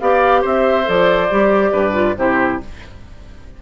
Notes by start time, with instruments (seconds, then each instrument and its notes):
0.00 bassoon B3, clarinet G4, oboe D5, flute F5
0.42 bassoon C4, oboe C5, flute E5
0.84 bassoon F3, clarinet A4, flute D5
1.30 bassoon G3, clarinet G4
1.72 bassoon G2, oboe B4
1.93 clarinet F4
2.17 bassoon C3, clarinet E4, oboe G4, flute C5